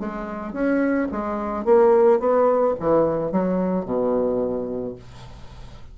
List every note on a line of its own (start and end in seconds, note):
0.00 0.53 G#3
0.53 1.08 C#4
1.12 1.65 G#3
1.65 2.20 A#3
2.20 2.75 B3
2.80 3.32 E3
3.32 3.86 F#3
3.86 4.96 B2